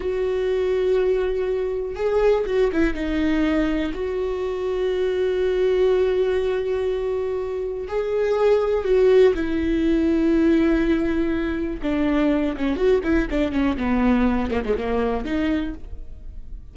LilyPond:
\new Staff \with { instrumentName = "viola" } { \time 4/4 \tempo 4 = 122 fis'1 | gis'4 fis'8 e'8 dis'2 | fis'1~ | fis'1 |
gis'2 fis'4 e'4~ | e'1 | d'4. cis'8 fis'8 e'8 d'8 cis'8 | b4. ais16 gis16 ais4 dis'4 | }